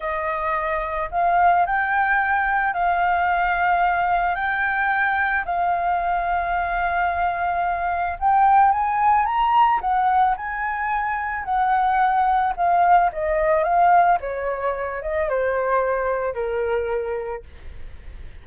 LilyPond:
\new Staff \with { instrumentName = "flute" } { \time 4/4 \tempo 4 = 110 dis''2 f''4 g''4~ | g''4 f''2. | g''2 f''2~ | f''2. g''4 |
gis''4 ais''4 fis''4 gis''4~ | gis''4 fis''2 f''4 | dis''4 f''4 cis''4. dis''8 | c''2 ais'2 | }